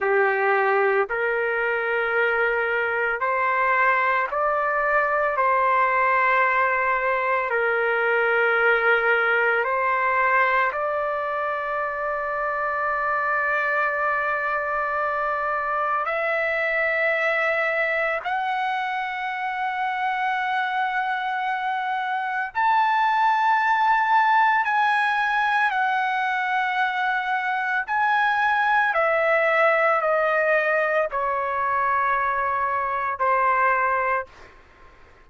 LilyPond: \new Staff \with { instrumentName = "trumpet" } { \time 4/4 \tempo 4 = 56 g'4 ais'2 c''4 | d''4 c''2 ais'4~ | ais'4 c''4 d''2~ | d''2. e''4~ |
e''4 fis''2.~ | fis''4 a''2 gis''4 | fis''2 gis''4 e''4 | dis''4 cis''2 c''4 | }